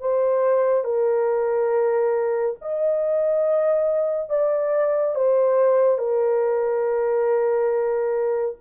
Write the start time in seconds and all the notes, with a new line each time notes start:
0.00 C5
0.84 A#4
2.61 D#5
4.29 D5
5.15 C5
5.98 A#4